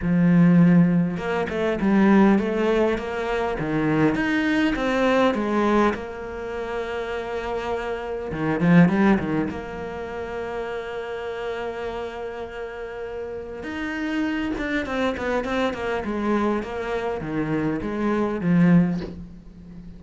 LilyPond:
\new Staff \with { instrumentName = "cello" } { \time 4/4 \tempo 4 = 101 f2 ais8 a8 g4 | a4 ais4 dis4 dis'4 | c'4 gis4 ais2~ | ais2 dis8 f8 g8 dis8 |
ais1~ | ais2. dis'4~ | dis'8 d'8 c'8 b8 c'8 ais8 gis4 | ais4 dis4 gis4 f4 | }